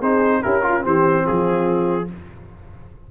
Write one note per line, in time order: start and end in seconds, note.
0.00 0.43 C4
0.00 0.43 D#4
0.00 0.41 G#4
0.00 0.43 C5
0.43 0.86 C#4
0.43 0.62 E4
0.43 0.65 G4
0.43 0.84 A#4
0.62 0.81 F4
0.68 0.86 F4
0.81 1.27 E3
0.81 2.05 C4
0.81 1.24 G4
0.81 1.27 C5
1.24 2.11 F3
1.24 2.07 F4
1.24 2.10 G#4